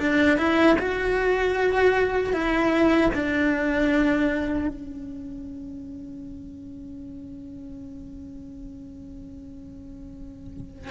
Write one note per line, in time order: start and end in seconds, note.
0.00 0.38 D4
0.38 0.77 E4
0.79 2.33 F#4
2.33 3.11 E4
3.14 4.68 D4
4.68 10.91 C#4